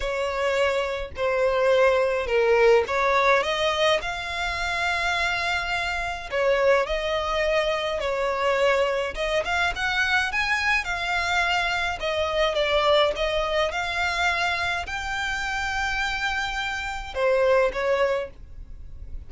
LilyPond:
\new Staff \with { instrumentName = "violin" } { \time 4/4 \tempo 4 = 105 cis''2 c''2 | ais'4 cis''4 dis''4 f''4~ | f''2. cis''4 | dis''2 cis''2 |
dis''8 f''8 fis''4 gis''4 f''4~ | f''4 dis''4 d''4 dis''4 | f''2 g''2~ | g''2 c''4 cis''4 | }